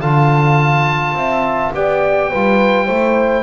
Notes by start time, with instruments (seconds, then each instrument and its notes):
0.00 double bass D3, trombone F4, horn F5, oboe A5
1.14 double bass C4, horn E5
1.74 double bass B3, trombone G4, horn D5, oboe G5
2.31 double bass G3, trombone F4, horn B4
2.86 double bass A3, trombone E4, horn C5